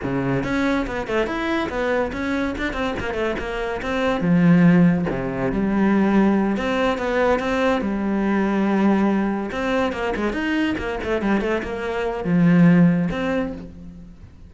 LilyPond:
\new Staff \with { instrumentName = "cello" } { \time 4/4 \tempo 4 = 142 cis4 cis'4 b8 a8 e'4 | b4 cis'4 d'8 c'8 ais8 a8 | ais4 c'4 f2 | c4 g2~ g8 c'8~ |
c'8 b4 c'4 g4.~ | g2~ g8 c'4 ais8 | gis8 dis'4 ais8 a8 g8 a8 ais8~ | ais4 f2 c'4 | }